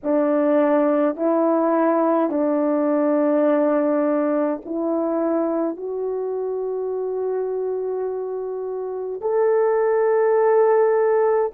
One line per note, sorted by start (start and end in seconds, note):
0.03 1.16 D4
1.16 2.30 E4
2.30 4.60 D4
4.65 5.76 E4
5.76 9.20 F#4
9.20 11.51 A4